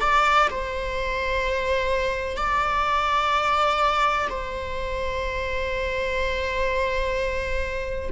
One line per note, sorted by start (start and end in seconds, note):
0.00 0.48 D5
0.50 2.37 C5
2.37 4.27 D5
4.29 8.10 C5